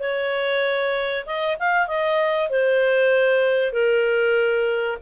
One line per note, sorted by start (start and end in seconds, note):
0.00 1.25 C#5
1.26 1.57 D#5
1.59 1.88 F5
1.88 2.50 D#5
2.50 3.73 C5
3.73 4.98 A#4